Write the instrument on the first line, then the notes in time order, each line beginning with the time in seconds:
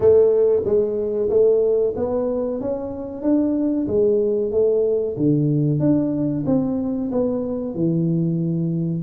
tuba
0.00 A3
0.65 G#3
1.29 A3
1.96 B3
2.60 C#4
3.22 D4
3.87 G#3
4.51 A3
5.16 D3
5.79 D4
6.46 C4
7.11 B3
7.74 E3